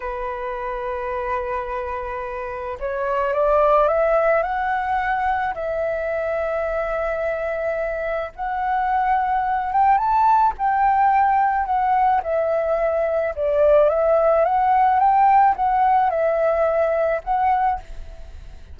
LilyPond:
\new Staff \with { instrumentName = "flute" } { \time 4/4 \tempo 4 = 108 b'1~ | b'4 cis''4 d''4 e''4 | fis''2 e''2~ | e''2. fis''4~ |
fis''4. g''8 a''4 g''4~ | g''4 fis''4 e''2 | d''4 e''4 fis''4 g''4 | fis''4 e''2 fis''4 | }